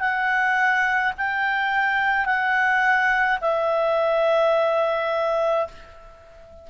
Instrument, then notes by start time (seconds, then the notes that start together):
clarinet
0.00 F#5
1.18 G5
2.25 F#5
3.41 E5